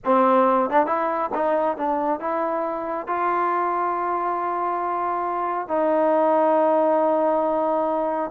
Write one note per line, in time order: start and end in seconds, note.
0.04 0.70 C4
0.70 0.86 D4
0.86 1.30 E4
1.34 1.77 D#4
1.77 2.20 D4
2.20 3.07 E4
3.07 5.68 F4
5.68 8.31 D#4